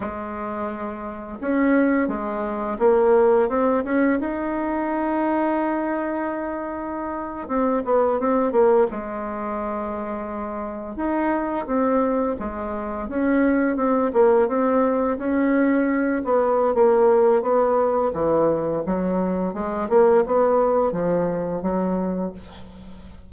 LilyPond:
\new Staff \with { instrumentName = "bassoon" } { \time 4/4 \tempo 4 = 86 gis2 cis'4 gis4 | ais4 c'8 cis'8 dis'2~ | dis'2~ dis'8. c'8 b8 c'16~ | c'16 ais8 gis2. dis'16~ |
dis'8. c'4 gis4 cis'4 c'16~ | c'16 ais8 c'4 cis'4. b8. | ais4 b4 e4 fis4 | gis8 ais8 b4 f4 fis4 | }